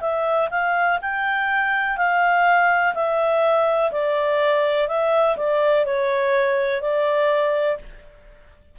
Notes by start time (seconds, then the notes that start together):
0.00 E5
0.50 F5
1.01 G5
1.97 F5
2.94 E5
3.91 D5
4.87 E5
5.37 D5
5.85 C#5
6.81 D5